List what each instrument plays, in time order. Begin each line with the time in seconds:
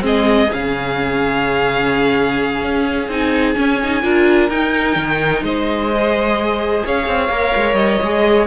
0.00 cello G#3, viola C4, violin G#4 D#5
0.51 cello C#3, viola C#4, violin F5
2.62 cello C#4
3.08 cello C4, viola D#4, violin G#5
3.55 viola C#4, cello C#4
3.83 viola D#4
4.02 cello D4, viola F4, violin A#4
4.49 cello D#4, viola D#4, violin G5
4.95 cello D#3
5.42 cello G#3, violin C5 D#5
5.92 viola G#4
6.85 cello C#4, violin C#5 F5
7.06 cello C4
7.29 cello A#3, viola A#4
7.55 cello G#3
7.74 cello G3, violin D#5
8.03 cello G#3, viola G#4